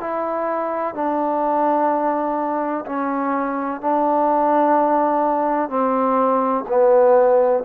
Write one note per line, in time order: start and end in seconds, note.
0.00 0.94 E4
0.94 2.85 D4
2.86 3.81 C#4
3.81 5.70 D4
5.70 6.65 C4
6.68 7.64 B3